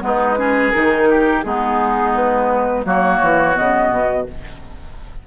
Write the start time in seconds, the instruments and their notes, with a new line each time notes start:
0.00 bassoon G#3, clarinet B3, oboe D#4, flute B4
0.38 clarinet C#4, oboe G#4
0.71 bassoon D#3, clarinet D#4, flute A#4
1.09 oboe G4
1.43 bassoon G#3, clarinet B3, oboe D#4, flute G#4
2.15 flute B4
2.84 bassoon F#3, clarinet A#3, oboe F#4, flute C#5
3.21 bassoon E3
3.54 bassoon C#3, clarinet B3, flute D#5
3.90 bassoon B2